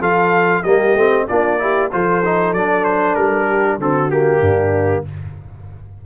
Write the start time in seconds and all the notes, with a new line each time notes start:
0.00 F3 F4 A4 F5
0.63 G3 A#3 G4 D#5
0.95 A3 C4
1.28 A#3 D4 F4 D5
1.59 E4 G4
1.92 F3 F4 A4 C5
2.25 D#4
2.53 F#3 D4 D5
2.84 C5
3.15 G3 A#4
3.47 G4
3.79 D3 C4 F#4 A4
4.11 A#3 G4
4.41 G2 D4